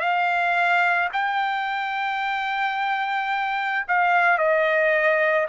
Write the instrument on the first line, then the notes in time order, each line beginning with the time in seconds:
trumpet
0.00 F5
1.13 G5
3.88 F5
4.38 D#5